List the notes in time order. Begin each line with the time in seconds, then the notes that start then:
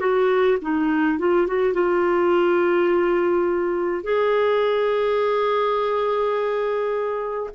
0.00 F#4
0.61 D#4
1.19 F4
1.47 F#4
1.74 F4
4.03 G#4